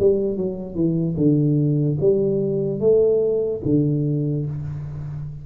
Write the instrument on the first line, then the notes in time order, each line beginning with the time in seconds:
tuba
0.00 G3
0.37 F#3
0.75 E3
1.17 D3
2.01 G3
2.80 A3
3.65 D3